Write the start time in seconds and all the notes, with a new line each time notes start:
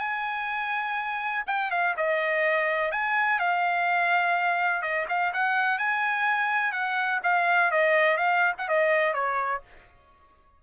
0.00 G#5
1.47 G5
1.71 F5
1.97 D#5
2.92 G#5
3.40 F5
4.82 D#5
5.09 F5
5.33 F#5
5.79 G#5
6.73 F#5
7.23 F5
7.71 D#5
8.18 F5
8.59 F#5
8.69 D#5
9.14 C#5